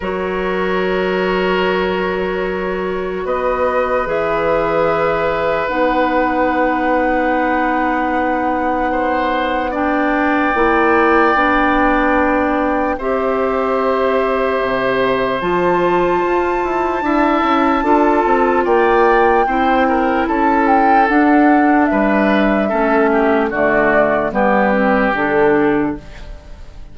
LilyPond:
<<
  \new Staff \with { instrumentName = "flute" } { \time 4/4 \tempo 4 = 74 cis''1 | dis''4 e''2 fis''4~ | fis''1 | g''1 |
e''2. a''4~ | a''2. g''4~ | g''4 a''8 g''8 fis''4 e''4~ | e''4 d''4 b'4 a'4 | }
  \new Staff \with { instrumentName = "oboe" } { \time 4/4 ais'1 | b'1~ | b'2. c''4 | d''1 |
c''1~ | c''4 e''4 a'4 d''4 | c''8 ais'8 a'2 b'4 | a'8 g'8 fis'4 g'2 | }
  \new Staff \with { instrumentName = "clarinet" } { \time 4/4 fis'1~ | fis'4 gis'2 dis'4~ | dis'1 | d'4 e'4 d'2 |
g'2. f'4~ | f'4 e'4 f'2 | e'2 d'2 | cis'4 a4 b8 c'8 d'4 | }
  \new Staff \with { instrumentName = "bassoon" } { \time 4/4 fis1 | b4 e2 b4~ | b1~ | b4 ais4 b2 |
c'2 c4 f4 | f'8 e'8 d'8 cis'8 d'8 c'8 ais4 | c'4 cis'4 d'4 g4 | a4 d4 g4 d4 | }
>>